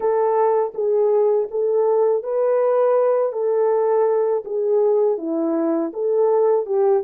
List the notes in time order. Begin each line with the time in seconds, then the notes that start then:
0.00 A4
0.74 G#4
1.50 A4
2.23 B4
3.32 A4
4.44 G#4
5.17 E4
5.93 A4
6.66 G4